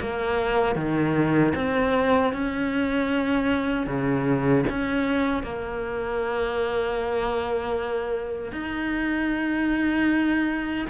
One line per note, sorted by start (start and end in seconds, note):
0.00 0.75 A#3
0.75 1.53 D#3
1.54 2.32 C4
2.32 3.86 C#4
3.86 4.64 C#3
4.69 5.43 C#4
5.43 8.51 A#3
8.51 10.85 D#4